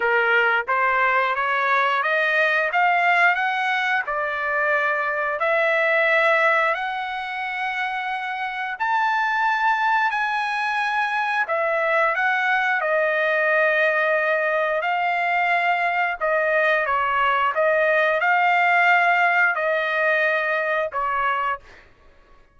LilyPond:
\new Staff \with { instrumentName = "trumpet" } { \time 4/4 \tempo 4 = 89 ais'4 c''4 cis''4 dis''4 | f''4 fis''4 d''2 | e''2 fis''2~ | fis''4 a''2 gis''4~ |
gis''4 e''4 fis''4 dis''4~ | dis''2 f''2 | dis''4 cis''4 dis''4 f''4~ | f''4 dis''2 cis''4 | }